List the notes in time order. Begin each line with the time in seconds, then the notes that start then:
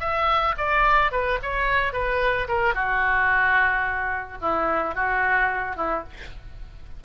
0.00 E5
0.58 D5
1.11 B4
1.42 C#5
1.93 B4
2.48 A#4
2.74 F#4
4.41 E4
4.95 F#4
5.76 E4